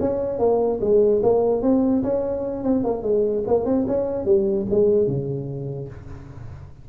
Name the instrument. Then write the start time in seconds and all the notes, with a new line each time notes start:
tuba
0.00 C#4
0.39 A#3
0.81 G#3
1.23 A#3
1.62 C4
2.03 C#4
2.64 C4
2.84 A#3
3.03 G#3
3.47 A#3
3.65 C4
3.87 C#4
4.25 G3
4.71 G#3
5.07 C#3